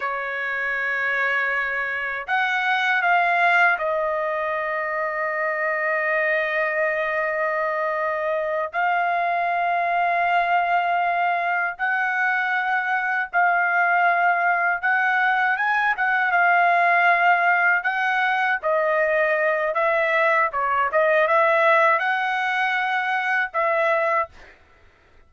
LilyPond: \new Staff \with { instrumentName = "trumpet" } { \time 4/4 \tempo 4 = 79 cis''2. fis''4 | f''4 dis''2.~ | dis''2.~ dis''8 f''8~ | f''2.~ f''8 fis''8~ |
fis''4. f''2 fis''8~ | fis''8 gis''8 fis''8 f''2 fis''8~ | fis''8 dis''4. e''4 cis''8 dis''8 | e''4 fis''2 e''4 | }